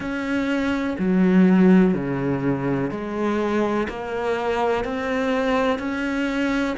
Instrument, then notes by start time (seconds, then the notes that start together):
cello
0.00 C#4
0.99 F#3
1.94 C#3
2.90 G#3
3.88 A#3
4.84 C4
5.78 C#4